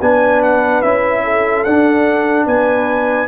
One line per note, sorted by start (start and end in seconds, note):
0.00 0.83 B3
0.00 0.84 D4
0.00 1.23 B4
0.00 0.42 G#5
0.43 0.82 F#5
0.82 1.66 C#4
0.82 1.66 E4
0.82 1.64 E5
1.24 2.47 A4
1.64 2.47 D4
1.64 3.28 D4
1.64 2.46 F#5
2.47 3.28 B3
2.47 3.28 B4
2.47 3.28 G#5